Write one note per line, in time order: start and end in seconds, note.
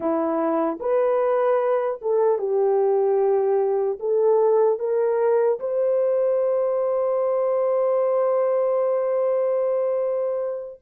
0.00 0.78 E4
0.80 2.00 B4
2.01 2.38 A4
2.38 3.98 G4
3.99 4.79 A4
4.79 5.59 A#4
5.59 10.79 C5